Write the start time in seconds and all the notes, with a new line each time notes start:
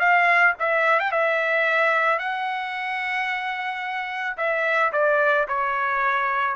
0.00 F5
0.60 E5
1.00 G5
1.12 E5
2.19 F#5
4.38 E5
4.93 D5
5.48 C#5